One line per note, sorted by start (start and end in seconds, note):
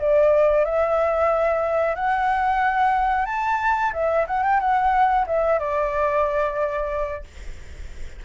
0.00 0.65 D5
0.65 1.95 E5
1.95 3.26 F#5
3.26 3.92 A5
3.94 4.26 E5
4.28 4.44 F#5
4.44 4.60 G5
4.60 5.26 F#5
5.27 5.60 E5
5.60 7.24 D5